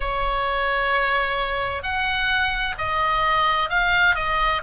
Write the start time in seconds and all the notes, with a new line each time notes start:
0.00 C#5
1.83 F#5
2.77 D#5
3.69 F5
4.15 D#5